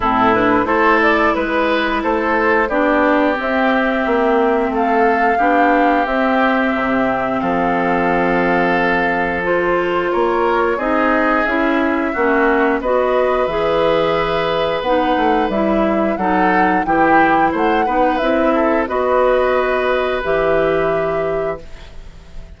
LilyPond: <<
  \new Staff \with { instrumentName = "flute" } { \time 4/4 \tempo 4 = 89 a'8 b'8 c''8 d''8 b'4 c''4 | d''4 e''2 f''4~ | f''4 e''2 f''4~ | f''2 c''4 cis''4 |
dis''4 e''2 dis''4 | e''2 fis''4 e''4 | fis''4 g''4 fis''4 e''4 | dis''2 e''2 | }
  \new Staff \with { instrumentName = "oboe" } { \time 4/4 e'4 a'4 b'4 a'4 | g'2. a'4 | g'2. a'4~ | a'2. ais'4 |
gis'2 fis'4 b'4~ | b'1 | a'4 g'4 c''8 b'4 a'8 | b'1 | }
  \new Staff \with { instrumentName = "clarinet" } { \time 4/4 c'8 d'8 e'2. | d'4 c'2. | d'4 c'2.~ | c'2 f'2 |
dis'4 e'4 cis'4 fis'4 | gis'2 dis'4 e'4 | dis'4 e'4. dis'8 e'4 | fis'2 g'2 | }
  \new Staff \with { instrumentName = "bassoon" } { \time 4/4 a,4 a4 gis4 a4 | b4 c'4 ais4 a4 | b4 c'4 c4 f4~ | f2. ais4 |
c'4 cis'4 ais4 b4 | e2 b8 a8 g4 | fis4 e4 a8 b8 c'4 | b2 e2 | }
>>